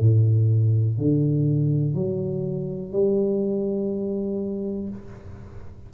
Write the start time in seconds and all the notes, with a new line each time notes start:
0.00 A2
0.98 D3
1.95 F#3
2.92 G3